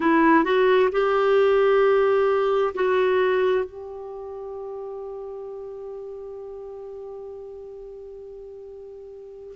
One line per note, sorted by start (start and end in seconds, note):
0.00 0.44 E4
0.44 0.89 F#4
0.91 2.73 G4
2.74 3.64 F#4
3.64 9.55 G4